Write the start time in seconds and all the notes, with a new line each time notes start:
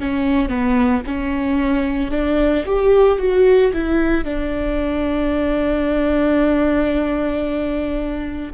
0.00 C#4
0.49 B3
1.07 C#4
2.11 D4
2.65 G4
3.19 F#4
3.74 E4
4.25 D4